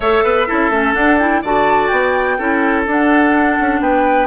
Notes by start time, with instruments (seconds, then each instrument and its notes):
0.00 bassoon A3, clarinet A4, oboe C#5, flute E5
0.23 bassoon B3, oboe B4
0.47 bassoon C#4, clarinet E4, oboe A4
0.70 bassoon A3, clarinet C#4
0.94 clarinet D4, bassoon D4, flute F#5
1.18 clarinet E4, flute G5
1.41 bassoon D3, clarinet F#4, oboe D5, flute A5
1.87 bassoon B3, flute G5
2.38 bassoon C#4, clarinet E4, oboe A4
2.86 bassoon D4, clarinet D4, flute F#5
3.59 bassoon C#4
3.80 bassoon B3, oboe B4, flute G5